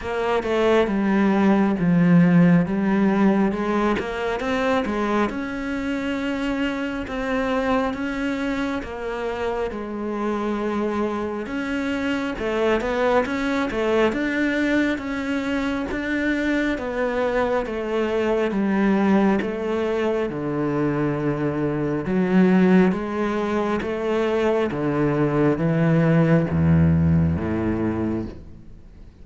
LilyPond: \new Staff \with { instrumentName = "cello" } { \time 4/4 \tempo 4 = 68 ais8 a8 g4 f4 g4 | gis8 ais8 c'8 gis8 cis'2 | c'4 cis'4 ais4 gis4~ | gis4 cis'4 a8 b8 cis'8 a8 |
d'4 cis'4 d'4 b4 | a4 g4 a4 d4~ | d4 fis4 gis4 a4 | d4 e4 e,4 a,4 | }